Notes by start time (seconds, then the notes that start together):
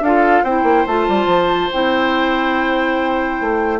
0.00 D4 F4 A4 F5
0.43 C4 E4 C5 G5
0.63 A#3
0.86 A3 F4 A5
1.08 G3
1.26 F3
1.72 C4 E4 G5
3.40 A3